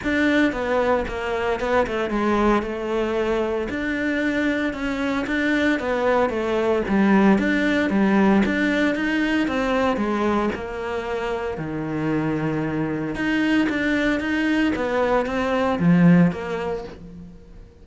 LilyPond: \new Staff \with { instrumentName = "cello" } { \time 4/4 \tempo 4 = 114 d'4 b4 ais4 b8 a8 | gis4 a2 d'4~ | d'4 cis'4 d'4 b4 | a4 g4 d'4 g4 |
d'4 dis'4 c'4 gis4 | ais2 dis2~ | dis4 dis'4 d'4 dis'4 | b4 c'4 f4 ais4 | }